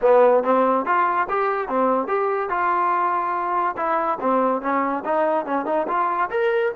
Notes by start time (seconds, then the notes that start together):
0.01 B3
0.43 C4
0.85 F4
1.29 G4
1.68 C4
2.07 G4
2.49 F4
3.76 E4
4.20 C4
4.61 C#4
5.04 D#4
5.45 C#4
5.65 D#4
5.87 F4
6.30 A#4